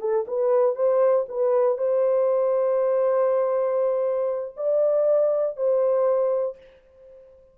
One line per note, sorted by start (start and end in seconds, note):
0.00 0.25 A4
0.27 0.75 B4
0.75 1.26 C5
1.29 1.78 B4
1.78 4.55 C5
4.56 5.56 D5
5.56 6.57 C5